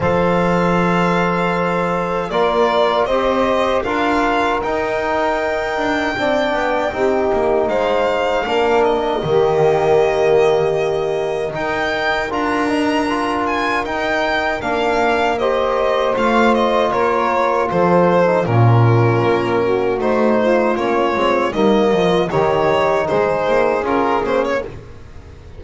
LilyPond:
<<
  \new Staff \with { instrumentName = "violin" } { \time 4/4 \tempo 4 = 78 f''2. d''4 | dis''4 f''4 g''2~ | g''2 f''4. dis''8~ | dis''2. g''4 |
ais''4. gis''8 g''4 f''4 | dis''4 f''8 dis''8 cis''4 c''4 | ais'2 c''4 cis''4 | dis''4 cis''4 c''4 ais'8 c''16 cis''16 | }
  \new Staff \with { instrumentName = "saxophone" } { \time 4/4 c''2. ais'4 | c''4 ais'2. | d''4 g'4 c''4 ais'4 | g'2. ais'4~ |
ais'1 | c''2 ais'4 a'4 | f'4. fis'4 f'4. | dis'8 f'8 g'4 gis'2 | }
  \new Staff \with { instrumentName = "trombone" } { \time 4/4 a'2. f'4 | g'4 f'4 dis'2 | d'4 dis'2 d'4 | ais2. dis'4 |
f'8 dis'8 f'4 dis'4 d'4 | g'4 f'2~ f'8. dis'16 | cis'2 dis'4 cis'8 c'8 | ais4 dis'2 f'8 cis'8 | }
  \new Staff \with { instrumentName = "double bass" } { \time 4/4 f2. ais4 | c'4 d'4 dis'4. d'8 | c'8 b8 c'8 ais8 gis4 ais4 | dis2. dis'4 |
d'2 dis'4 ais4~ | ais4 a4 ais4 f4 | ais,4 ais4 a4 ais8 gis8 | g8 f8 dis4 gis8 ais8 cis'8 ais8 | }
>>